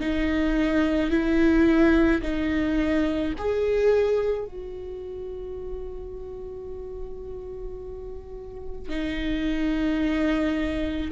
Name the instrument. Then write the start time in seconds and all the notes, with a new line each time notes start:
viola
0.00 D#4
1.10 E4
2.22 D#4
3.38 G#4
4.45 F#4
8.89 D#4